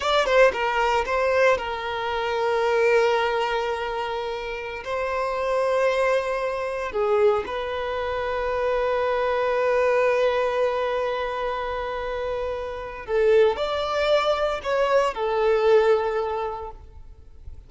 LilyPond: \new Staff \with { instrumentName = "violin" } { \time 4/4 \tempo 4 = 115 d''8 c''8 ais'4 c''4 ais'4~ | ais'1~ | ais'4~ ais'16 c''2~ c''8.~ | c''4~ c''16 gis'4 b'4.~ b'16~ |
b'1~ | b'1~ | b'4 a'4 d''2 | cis''4 a'2. | }